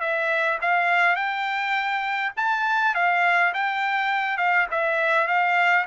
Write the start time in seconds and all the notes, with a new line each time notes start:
0.00 E5
0.61 F5
1.15 G5
2.36 A5
2.94 F5
3.53 G5
4.37 F5
4.71 E5
5.27 F5